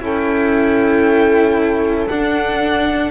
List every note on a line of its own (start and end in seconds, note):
0.00 2.09 C#4
0.00 2.07 E4
0.00 3.11 A4
0.00 2.08 G5
2.08 3.11 D4
2.08 3.11 F#5